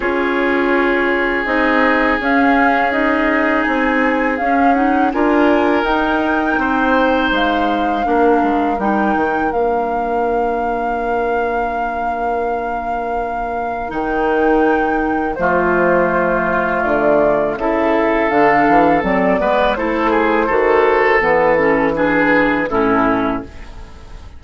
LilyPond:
<<
  \new Staff \with { instrumentName = "flute" } { \time 4/4 \tempo 4 = 82 cis''2 dis''4 f''4 | dis''4 gis''4 f''8 fis''8 gis''4 | g''2 f''2 | g''4 f''2.~ |
f''2. g''4~ | g''4 c''2 d''4 | e''4 f''4 d''4 c''4~ | c''4 b'8 a'8 b'4 a'4 | }
  \new Staff \with { instrumentName = "oboe" } { \time 4/4 gis'1~ | gis'2. ais'4~ | ais'4 c''2 ais'4~ | ais'1~ |
ais'1~ | ais'4 f'2. | a'2~ a'8 b'8 a'8 gis'8 | a'2 gis'4 e'4 | }
  \new Staff \with { instrumentName = "clarinet" } { \time 4/4 f'2 dis'4 cis'4 | dis'2 cis'8 dis'8 f'4 | dis'2. d'4 | dis'4 d'2.~ |
d'2. dis'4~ | dis'4 a2. | e'4 d'4 c'8 b8 e'4 | fis'4 b8 cis'8 d'4 cis'4 | }
  \new Staff \with { instrumentName = "bassoon" } { \time 4/4 cis'2 c'4 cis'4~ | cis'4 c'4 cis'4 d'4 | dis'4 c'4 gis4 ais8 gis8 | g8 dis8 ais2.~ |
ais2. dis4~ | dis4 f2 d4 | cis4 d8 e8 fis8 gis8 a4 | dis4 e2 a,4 | }
>>